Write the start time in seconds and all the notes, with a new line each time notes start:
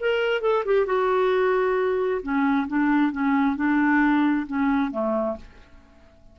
0.00 A#4
0.41 A4
0.65 G4
0.86 F#4
2.22 C#4
2.67 D4
3.12 C#4
3.56 D4
4.47 C#4
4.91 A3